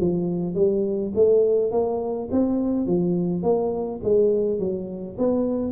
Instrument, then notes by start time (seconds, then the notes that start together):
tuba
0.00 F3
0.55 G3
1.15 A3
1.71 A#3
2.31 C4
2.86 F3
3.42 A#3
4.03 G#3
4.59 F#3
5.18 B3